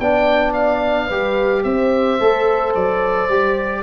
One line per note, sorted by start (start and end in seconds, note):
0.00 1.10 B3
0.00 1.11 D4
0.00 1.07 D5
0.00 0.54 G5
0.54 1.64 F5
1.07 1.64 G3
1.07 2.20 G4
1.07 1.62 B4
1.64 2.19 C4
1.64 3.83 C5
1.64 2.74 E5
2.20 2.75 A3
2.20 3.30 A4
2.75 3.30 F#3
2.75 3.83 D5
3.30 3.83 G3
3.30 3.83 G4